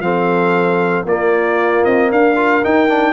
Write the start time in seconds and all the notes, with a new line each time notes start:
0.00 F3 C4 A4 F5
1.05 A#3 F4 D5
1.84 C4 D#5
2.12 D4 A#4 F5
2.36 F4
2.64 D#4 G5
2.89 D4